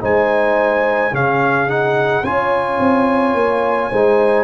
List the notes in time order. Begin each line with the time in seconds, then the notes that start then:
0.00 G#3 D#4 C5 G#5
1.12 C#3 C#4 G#4 F5
1.68 D#4 F#5
2.23 C#4 F4 C#5 G#5
2.79 C4
3.34 A#3
3.90 G#3 D#4 C5